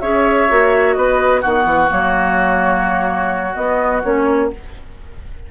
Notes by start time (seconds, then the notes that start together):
0.00 C#4 G#4 C#5 E5
0.49 A#3 F#4
0.94 B3 B4 D#5
1.42 D#3 B3 F#4 F#5
1.65 E3
1.87 F#3 A#3 C#5
3.55 B3 D#5
4.03 A#3 C#4 C#5